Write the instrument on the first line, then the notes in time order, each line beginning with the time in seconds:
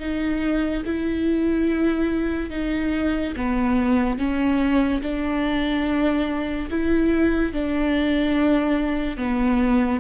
viola
0.00 D#4
0.86 E4
2.51 D#4
3.37 B3
4.19 C#4
5.02 D4
6.71 E4
7.53 D4
9.17 B3